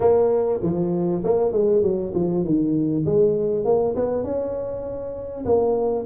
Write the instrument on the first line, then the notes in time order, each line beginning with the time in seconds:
tuba
0.00 A#3
0.62 F3
1.24 A#3
1.52 G#3
1.82 F#3
2.14 F3
2.44 D#3
3.05 G#3
3.64 A#3
3.95 B3
4.23 C#4
5.45 A#3